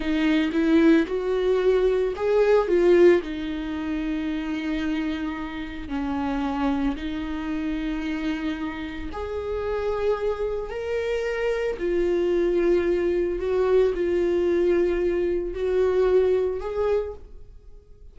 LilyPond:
\new Staff \with { instrumentName = "viola" } { \time 4/4 \tempo 4 = 112 dis'4 e'4 fis'2 | gis'4 f'4 dis'2~ | dis'2. cis'4~ | cis'4 dis'2.~ |
dis'4 gis'2. | ais'2 f'2~ | f'4 fis'4 f'2~ | f'4 fis'2 gis'4 | }